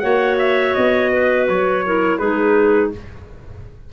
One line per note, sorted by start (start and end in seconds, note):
0.00 0.76 A#3
0.00 1.83 F#4
0.00 1.11 C#5
0.00 0.36 F#5
0.39 0.75 E5
0.75 1.49 B3
0.75 1.47 D#5
1.12 1.85 B4
1.49 2.20 F#3
1.49 2.18 C#5
1.86 2.21 E4
1.86 2.19 A#4
2.18 2.92 G#3
2.18 2.93 D#4
2.18 2.91 G#4
2.18 2.91 B4